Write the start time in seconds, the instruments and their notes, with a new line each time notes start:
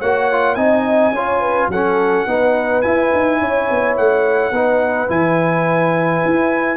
0.00 tuba A#3, trombone F#4, horn C#5, trumpet F#5
0.32 trombone F4
0.55 tuba C4, trombone D#4, horn D#5, trumpet G#5
1.11 tuba C#4, trombone F4, horn C#5
1.41 horn B4
1.69 tuba F#3, trombone C#4, horn A4, trumpet F#5
2.27 tuba B3, trombone D#4, horn B4
2.82 trombone E4, tuba E4, trumpet G#5
3.14 tuba D#4
3.40 tuba C#4, horn C#5
3.71 tuba B3
3.97 tuba A3, trumpet F#5
4.52 tuba B3, trombone D#4, horn B4
5.09 tuba E3, trombone E4, trumpet G#5
6.26 tuba E4